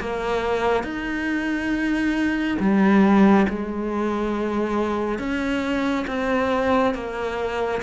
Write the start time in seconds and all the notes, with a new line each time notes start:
0.00 A#3
0.84 D#4
2.60 G3
3.49 G#3
5.19 C#4
6.08 C4
6.94 A#3